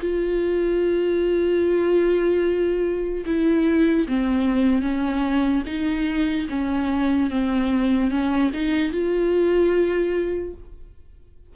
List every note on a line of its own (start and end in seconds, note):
0.00 3.24 F4
3.26 4.07 E4
4.08 4.82 C4
4.82 5.63 C#4
5.66 6.47 D#4
6.49 7.30 C#4
7.30 8.10 C4
8.10 8.51 C#4
8.54 8.92 D#4
8.92 10.54 F4